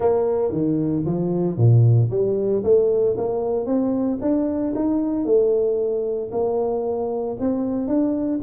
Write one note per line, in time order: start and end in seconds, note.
0.00 0.51 A#3
0.51 1.04 D#3
1.05 1.57 F3
1.57 2.10 A#2
2.10 2.63 G3
2.63 3.16 A3
3.17 3.66 A#3
3.66 4.18 C4
4.21 4.73 D4
4.75 5.25 D#4
5.25 6.30 A3
6.31 7.37 A#3
7.39 7.87 C4
7.87 8.40 D4